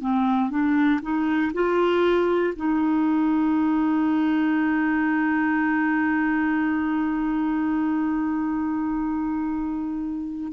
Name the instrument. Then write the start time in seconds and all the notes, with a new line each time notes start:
clarinet
0.00 C4
0.50 D4
1.02 D#4
1.54 F4
2.56 D#4